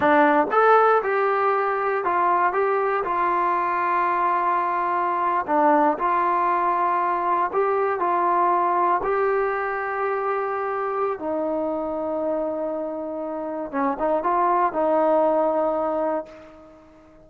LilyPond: \new Staff \with { instrumentName = "trombone" } { \time 4/4 \tempo 4 = 118 d'4 a'4 g'2 | f'4 g'4 f'2~ | f'2~ f'8. d'4 f'16~ | f'2~ f'8. g'4 f'16~ |
f'4.~ f'16 g'2~ g'16~ | g'2 dis'2~ | dis'2. cis'8 dis'8 | f'4 dis'2. | }